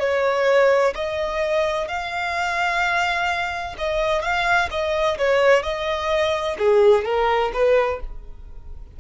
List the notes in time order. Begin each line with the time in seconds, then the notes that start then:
0.00 C#5
0.95 D#5
1.88 F5
3.78 D#5
4.22 F5
4.71 D#5
5.18 C#5
5.63 D#5
6.59 G#4
7.05 A#4
7.53 B4